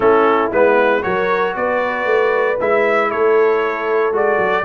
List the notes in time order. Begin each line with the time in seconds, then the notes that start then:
0.00 A3 C#4 E4 A4
0.52 G#3 B3 B4
1.01 F#3 F#4 A#4 C#5
1.55 B3 B4 D5
2.05 A3
2.60 G#3 E4 E5
3.10 A3 A4 C#5
4.11 G#3 F#4 D5
4.38 F#3